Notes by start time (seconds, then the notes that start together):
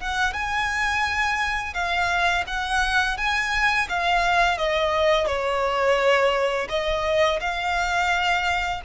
0.00 F#5
0.33 G#5
1.73 F5
2.47 F#5
3.17 G#5
3.89 F5
4.58 D#5
5.26 C#5
6.69 D#5
7.40 F5